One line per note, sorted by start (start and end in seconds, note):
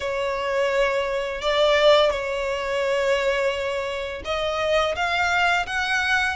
0.00 1.41 C#5
1.41 2.10 D5
2.10 4.22 C#5
4.24 4.95 D#5
4.95 5.66 F5
5.66 6.36 F#5